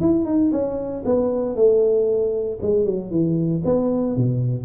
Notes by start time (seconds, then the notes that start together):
0.00 E4
0.25 D#4
0.51 C#4
1.05 B3
1.55 A3
2.61 G#3
2.85 F#3
3.10 E3
3.64 B3
4.16 B2